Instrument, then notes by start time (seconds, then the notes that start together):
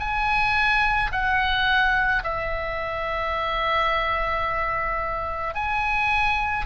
oboe
0.00 G#5
1.12 F#5
2.24 E5
5.55 G#5